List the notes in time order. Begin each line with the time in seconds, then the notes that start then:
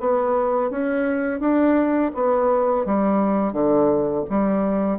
0.00 B3
0.71 C#4
1.40 D4
2.14 B3
2.86 G3
3.53 D3
4.30 G3